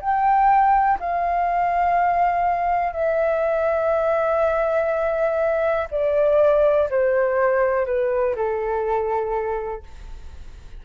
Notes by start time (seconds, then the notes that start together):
0.00 G5
0.99 F5
2.92 E5
5.91 D5
6.90 C5
7.86 B4
8.35 A4